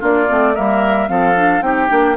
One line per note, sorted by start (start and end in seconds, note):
0.00 0.30 A#3
0.00 0.27 D4
0.00 0.55 F4
0.00 0.55 D5
0.28 0.58 A3
0.28 0.55 C4
0.55 1.09 G3
0.55 1.08 A#3
0.55 1.09 A#4
0.55 1.08 E5
1.08 1.62 F3
1.08 1.35 C4
1.08 1.65 A4
1.08 1.62 F5
1.36 1.62 D4
1.62 1.89 C4
1.62 1.89 D#4
1.62 2.17 G4
1.62 2.17 G5
1.89 2.17 A#3
1.89 2.16 D4